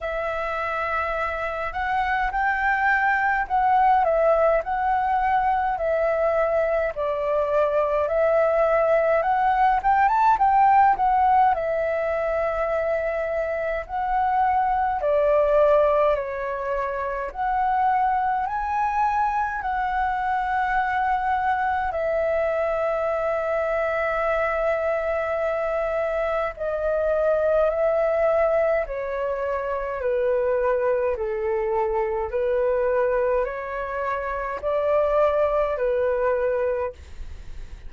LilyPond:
\new Staff \with { instrumentName = "flute" } { \time 4/4 \tempo 4 = 52 e''4. fis''8 g''4 fis''8 e''8 | fis''4 e''4 d''4 e''4 | fis''8 g''16 a''16 g''8 fis''8 e''2 | fis''4 d''4 cis''4 fis''4 |
gis''4 fis''2 e''4~ | e''2. dis''4 | e''4 cis''4 b'4 a'4 | b'4 cis''4 d''4 b'4 | }